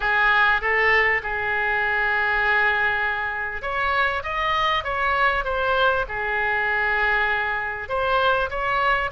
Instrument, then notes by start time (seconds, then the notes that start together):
oboe
0.00 G#4
0.61 A4
1.22 G#4
3.62 C#5
4.23 D#5
4.83 C#5
5.44 C5
6.08 G#4
7.88 C5
8.50 C#5